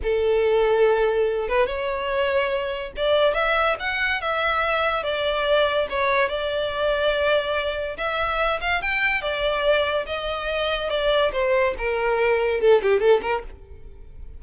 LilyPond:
\new Staff \with { instrumentName = "violin" } { \time 4/4 \tempo 4 = 143 a'2.~ a'8 b'8 | cis''2. d''4 | e''4 fis''4 e''2 | d''2 cis''4 d''4~ |
d''2. e''4~ | e''8 f''8 g''4 d''2 | dis''2 d''4 c''4 | ais'2 a'8 g'8 a'8 ais'8 | }